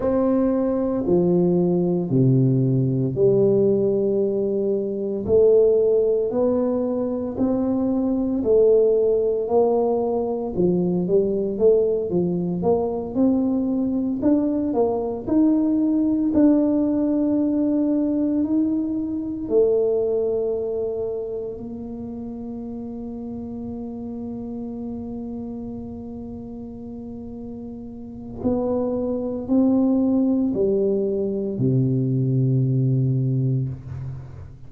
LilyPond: \new Staff \with { instrumentName = "tuba" } { \time 4/4 \tempo 4 = 57 c'4 f4 c4 g4~ | g4 a4 b4 c'4 | a4 ais4 f8 g8 a8 f8 | ais8 c'4 d'8 ais8 dis'4 d'8~ |
d'4. dis'4 a4.~ | a8 ais2.~ ais8~ | ais2. b4 | c'4 g4 c2 | }